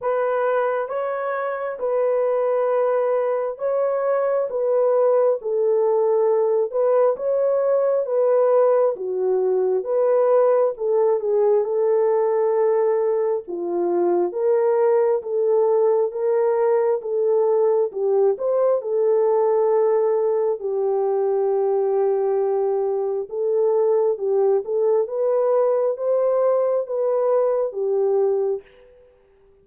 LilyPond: \new Staff \with { instrumentName = "horn" } { \time 4/4 \tempo 4 = 67 b'4 cis''4 b'2 | cis''4 b'4 a'4. b'8 | cis''4 b'4 fis'4 b'4 | a'8 gis'8 a'2 f'4 |
ais'4 a'4 ais'4 a'4 | g'8 c''8 a'2 g'4~ | g'2 a'4 g'8 a'8 | b'4 c''4 b'4 g'4 | }